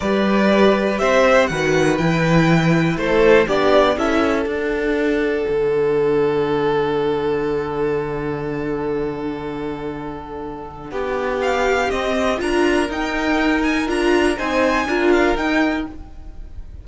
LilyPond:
<<
  \new Staff \with { instrumentName = "violin" } { \time 4/4 \tempo 4 = 121 d''2 e''4 fis''4 | g''2 c''4 d''4 | e''4 fis''2.~ | fis''1~ |
fis''1~ | fis''2. f''4 | dis''4 ais''4 g''4. gis''8 | ais''4 gis''4. f''8 g''4 | }
  \new Staff \with { instrumentName = "violin" } { \time 4/4 b'2 c''4 b'4~ | b'2 a'4 g'4 | a'1~ | a'1~ |
a'1~ | a'2 g'2~ | g'4 ais'2.~ | ais'4 c''4 ais'2 | }
  \new Staff \with { instrumentName = "viola" } { \time 4/4 g'2. fis'4 | e'2. d'4 | e'4 d'2.~ | d'1~ |
d'1~ | d'1 | c'4 f'4 dis'2 | f'4 dis'4 f'4 dis'4 | }
  \new Staff \with { instrumentName = "cello" } { \time 4/4 g2 c'4 dis4 | e2 a4 b4 | cis'4 d'2 d4~ | d1~ |
d1~ | d2 b2 | c'4 d'4 dis'2 | d'4 c'4 d'4 dis'4 | }
>>